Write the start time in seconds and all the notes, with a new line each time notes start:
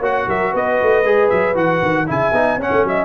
0.00 A#3 F#4 C#5 F#5
0.27 F#3 A#4 E5
0.52 B3 B4 D#5
0.82 A3
1.03 G#3 G#4
1.30 F#3 E5
1.55 E3 F#4 F#5
1.83 D#3
2.07 C#3 E4 E5 G#5
2.32 B3 D#4
2.57 C#4 C#5 F#5
2.72 A3
2.85 F#3 D#5 E5